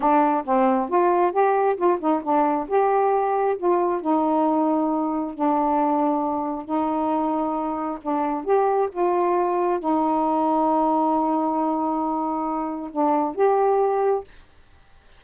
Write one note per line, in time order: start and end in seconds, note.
0.00 0.44 D4
0.44 0.89 C4
0.89 1.32 F4
1.32 1.76 G4
1.76 1.98 F4
1.99 2.22 D#4
2.23 2.67 D4
2.67 3.56 G4
3.57 4.01 F4
4.01 5.34 D#4
5.34 6.65 D4
6.65 7.98 D#4
8.02 8.44 D4
8.44 8.88 G4
8.92 9.79 F4
9.79 12.90 D#4
12.91 13.35 D4
13.35 14.24 G4